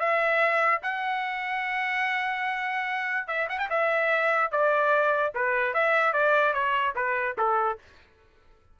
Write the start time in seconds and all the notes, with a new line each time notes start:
0.00 E5
0.83 F#5
3.27 E5
3.49 F#5
3.59 G5
3.70 E5
4.51 D5
5.35 B4
5.74 E5
6.13 D5
6.53 C#5
6.96 B4
7.38 A4